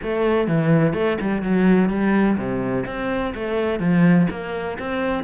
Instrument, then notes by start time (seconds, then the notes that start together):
cello
0.03 A3
0.47 E3
0.93 A3
1.21 G3
1.42 F#3
1.89 G3
2.37 C3
2.86 C4
3.34 A3
3.79 F3
4.30 A#3
4.79 C4